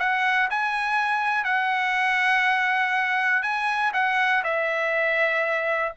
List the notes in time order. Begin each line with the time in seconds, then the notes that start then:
0.00 F#5
0.51 G#5
1.45 F#5
3.43 G#5
3.94 F#5
4.44 E5